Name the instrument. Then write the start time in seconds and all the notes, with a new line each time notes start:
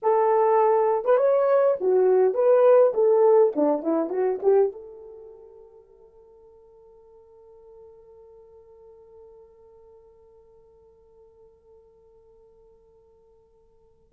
horn
0.02 A4
1.04 B4
1.17 C#5
1.80 F#4
2.34 B4
2.94 A4
3.55 D4
3.82 E4
4.09 F#4
4.42 G4
4.71 A4